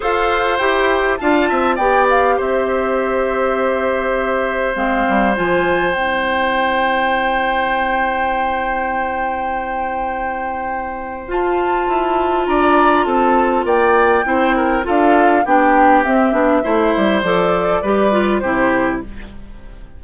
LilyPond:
<<
  \new Staff \with { instrumentName = "flute" } { \time 4/4 \tempo 4 = 101 f''4 g''4 a''4 g''8 f''8 | e''1 | f''4 gis''4 g''2~ | g''1~ |
g''2. a''4~ | a''4 ais''4 a''4 g''4~ | g''4 f''4 g''4 e''4~ | e''4 d''2 c''4 | }
  \new Staff \with { instrumentName = "oboe" } { \time 4/4 c''2 f''8 e''8 d''4 | c''1~ | c''1~ | c''1~ |
c''1~ | c''4 d''4 a'4 d''4 | c''8 ais'8 a'4 g'2 | c''2 b'4 g'4 | }
  \new Staff \with { instrumentName = "clarinet" } { \time 4/4 a'4 g'4 f'4 g'4~ | g'1 | c'4 f'4 e'2~ | e'1~ |
e'2. f'4~ | f'1 | e'4 f'4 d'4 c'8 d'8 | e'4 a'4 g'8 f'8 e'4 | }
  \new Staff \with { instrumentName = "bassoon" } { \time 4/4 f'4 e'4 d'8 c'8 b4 | c'1 | gis8 g8 f4 c'2~ | c'1~ |
c'2. f'4 | e'4 d'4 c'4 ais4 | c'4 d'4 b4 c'8 b8 | a8 g8 f4 g4 c4 | }
>>